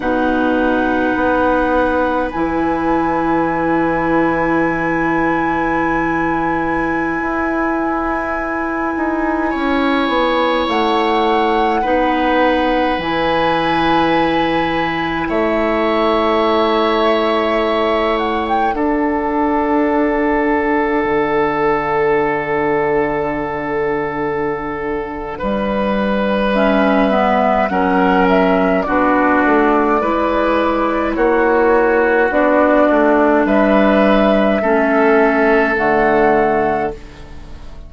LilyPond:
<<
  \new Staff \with { instrumentName = "flute" } { \time 4/4 \tempo 4 = 52 fis''2 gis''2~ | gis''1~ | gis''4~ gis''16 fis''2 gis''8.~ | gis''4~ gis''16 e''2~ e''8 fis''16 |
g''16 fis''2.~ fis''8.~ | fis''2. e''4 | fis''8 e''8 d''2 cis''4 | d''4 e''2 fis''4 | }
  \new Staff \with { instrumentName = "oboe" } { \time 4/4 b'1~ | b'1~ | b'16 cis''2 b'4.~ b'16~ | b'4~ b'16 cis''2~ cis''8.~ |
cis''16 a'2.~ a'8.~ | a'2 b'2 | ais'4 fis'4 b'4 fis'4~ | fis'4 b'4 a'2 | }
  \new Staff \with { instrumentName = "clarinet" } { \time 4/4 dis'2 e'2~ | e'1~ | e'2~ e'16 dis'4 e'8.~ | e'1~ |
e'16 d'2.~ d'8.~ | d'2. cis'8 b8 | cis'4 d'4 e'2 | d'2 cis'4 a4 | }
  \new Staff \with { instrumentName = "bassoon" } { \time 4/4 b,4 b4 e2~ | e2~ e16 e'4. dis'16~ | dis'16 cis'8 b8 a4 b4 e8.~ | e4~ e16 a2~ a8.~ |
a16 d'2 d4.~ d16~ | d2 g2 | fis4 b8 a8 gis4 ais4 | b8 a8 g4 a4 d4 | }
>>